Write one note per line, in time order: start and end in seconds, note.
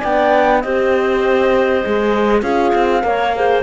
0.00 0.64 B3
0.00 0.64 D4
0.00 0.60 D5
0.00 0.62 G5
0.62 1.84 C4
0.62 1.84 G4
0.62 2.41 C5
0.62 2.42 D#5
1.84 2.43 G#3
1.84 2.42 G#4
2.41 2.73 C#4
2.41 3.02 F4
2.41 3.01 G#4
2.41 3.62 F5
2.75 3.04 C4
3.02 3.63 A#3
3.02 3.32 A#4
3.02 3.36 C#5
3.36 3.63 G#4
3.36 3.63 C5